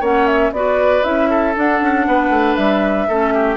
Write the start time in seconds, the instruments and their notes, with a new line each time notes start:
0.00 bassoon A#3, clarinet C#4, oboe C#5, flute F#5
0.26 flute E5
0.51 bassoon B3, clarinet F#4, oboe B4, flute D5
1.02 bassoon C#4, clarinet E4, flute E5
1.29 oboe A4
1.56 clarinet D4, bassoon D4, flute F#5
1.81 bassoon C#4
2.07 bassoon B3, oboe B4
2.29 bassoon A3
2.55 bassoon G3, flute E5
3.08 bassoon A3, clarinet C#4, oboe A4
3.34 oboe G4